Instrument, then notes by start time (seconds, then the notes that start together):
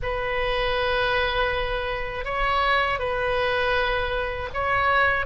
oboe
0.02 B4
2.25 C#5
2.99 B4
4.53 C#5